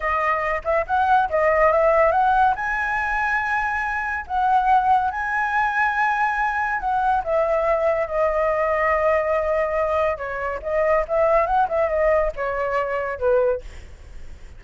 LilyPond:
\new Staff \with { instrumentName = "flute" } { \time 4/4 \tempo 4 = 141 dis''4. e''8 fis''4 dis''4 | e''4 fis''4 gis''2~ | gis''2 fis''2 | gis''1 |
fis''4 e''2 dis''4~ | dis''1 | cis''4 dis''4 e''4 fis''8 e''8 | dis''4 cis''2 b'4 | }